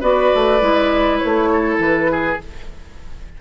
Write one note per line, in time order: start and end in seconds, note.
0.00 0.31 B3
0.00 0.60 F#4
0.00 1.49 B4
0.00 1.18 D5
0.35 0.61 A3
0.60 1.21 G#3
0.60 2.39 E4
1.18 1.77 C#5
1.24 1.78 A3
1.53 2.11 A4
1.78 2.38 E3
1.78 2.40 B4
2.11 2.41 G#4